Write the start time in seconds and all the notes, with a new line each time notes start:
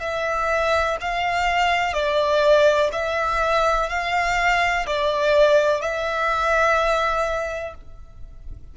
0.00 E5
1.01 F5
1.93 D5
2.92 E5
3.89 F5
4.87 D5
5.81 E5